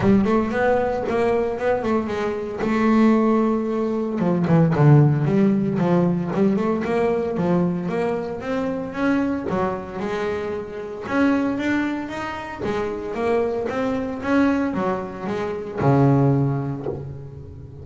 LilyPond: \new Staff \with { instrumentName = "double bass" } { \time 4/4 \tempo 4 = 114 g8 a8 b4 ais4 b8 a8 | gis4 a2. | f8 e8 d4 g4 f4 | g8 a8 ais4 f4 ais4 |
c'4 cis'4 fis4 gis4~ | gis4 cis'4 d'4 dis'4 | gis4 ais4 c'4 cis'4 | fis4 gis4 cis2 | }